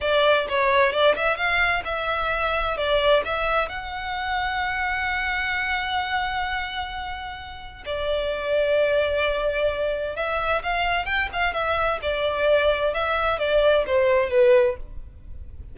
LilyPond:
\new Staff \with { instrumentName = "violin" } { \time 4/4 \tempo 4 = 130 d''4 cis''4 d''8 e''8 f''4 | e''2 d''4 e''4 | fis''1~ | fis''1~ |
fis''4 d''2.~ | d''2 e''4 f''4 | g''8 f''8 e''4 d''2 | e''4 d''4 c''4 b'4 | }